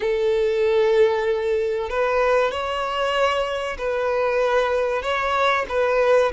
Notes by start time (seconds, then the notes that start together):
0.00 A4
1.89 B4
2.51 C#5
3.78 B4
5.02 C#5
5.68 B4